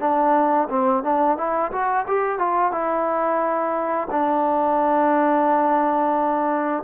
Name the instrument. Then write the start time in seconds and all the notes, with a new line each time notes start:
trombone
0.00 D4
0.70 C4
1.04 D4
1.38 E4
1.72 F#4
2.08 G4
2.39 F4
2.72 E4
4.11 D4